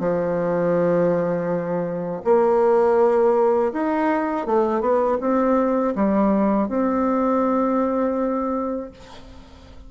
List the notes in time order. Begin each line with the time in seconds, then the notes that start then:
0.00 F3
2.25 A#3
3.73 D#4
4.46 A3
4.81 B3
5.21 C4
5.95 G3
6.69 C4